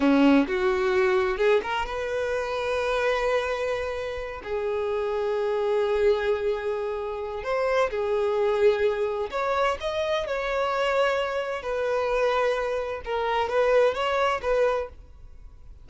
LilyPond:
\new Staff \with { instrumentName = "violin" } { \time 4/4 \tempo 4 = 129 cis'4 fis'2 gis'8 ais'8 | b'1~ | b'4. gis'2~ gis'8~ | gis'1 |
c''4 gis'2. | cis''4 dis''4 cis''2~ | cis''4 b'2. | ais'4 b'4 cis''4 b'4 | }